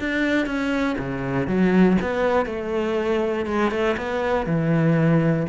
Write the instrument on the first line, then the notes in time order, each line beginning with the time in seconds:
cello
0.00 D4
0.46 C#4
0.99 C#3
1.47 F#3
2.02 B3
2.46 A3
3.46 G#3
3.71 A3
3.97 B3
4.46 E3